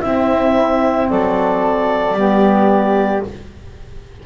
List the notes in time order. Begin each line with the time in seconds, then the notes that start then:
0.00 C4 E4 E5
1.09 F#3 A4 D5
2.13 G3 B3 G4